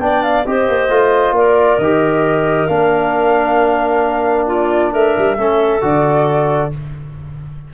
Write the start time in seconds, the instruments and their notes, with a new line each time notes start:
0.00 tuba B3, trombone D4, clarinet D5, flute G5
0.23 flute F5
0.46 tuba C4, trombone G4, clarinet C5, flute D#5
0.68 tuba A#3
0.90 tuba A3, trombone F4
1.32 tuba A#3, clarinet A#4, flute D5
1.78 tuba D#3, trombone G4, flute D#5
2.67 tuba A#3, trombone D4, flute F5
4.47 clarinet F4, flute D5
4.91 tuba A3, clarinet A#4, flute E5
5.18 tuba G3
5.37 tuba A3, trombone C#4, clarinet A4
5.81 tuba D3, trombone F#4, flute D5